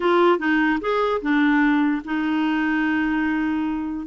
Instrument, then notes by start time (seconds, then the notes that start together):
clarinet
0.00 F4
0.39 D#4
0.80 G#4
1.21 D4
2.04 D#4